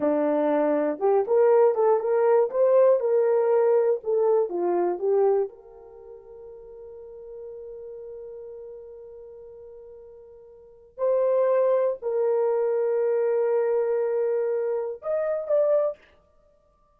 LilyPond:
\new Staff \with { instrumentName = "horn" } { \time 4/4 \tempo 4 = 120 d'2 g'8 ais'4 a'8 | ais'4 c''4 ais'2 | a'4 f'4 g'4 ais'4~ | ais'1~ |
ais'1~ | ais'2 c''2 | ais'1~ | ais'2 dis''4 d''4 | }